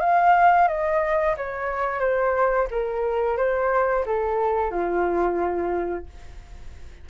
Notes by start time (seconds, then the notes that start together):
0.00 F5
0.67 D#5
1.37 C#5
2.00 C5
2.70 A#4
3.37 C5
4.06 A4
4.71 F4